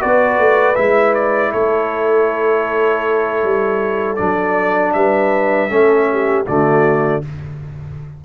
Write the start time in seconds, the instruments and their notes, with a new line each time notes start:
0.00 tuba B3, trombone F#4, horn B4, trumpet D5
0.38 tuba A3
0.76 tuba G#3, trombone E4, trumpet E5
1.15 trumpet D5
1.53 tuba A3, horn A4, trumpet C#5
3.44 tuba G3
4.16 tuba F#3, trombone D4, trumpet D5
4.94 tuba G3, horn B4, trumpet E5
5.70 tuba A3, trombone C#4, horn A4
6.12 horn G4
6.47 tuba D3, trombone A3, horn F#4, trumpet D5